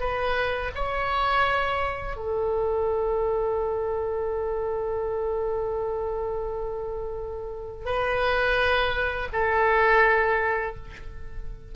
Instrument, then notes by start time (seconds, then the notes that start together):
oboe
0.00 B4
0.75 C#5
2.17 A4
7.86 B4
9.33 A4